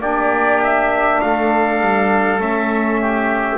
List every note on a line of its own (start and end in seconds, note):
0.00 1.20 A#3
0.00 2.39 D4
0.00 1.21 G4
0.00 0.61 D5
0.63 1.21 E5
1.21 1.81 A3
1.21 3.01 A4
1.21 2.41 F5
1.81 2.40 G3
2.39 3.58 A3
2.39 3.58 C#4
2.39 3.58 E5
3.01 3.58 G4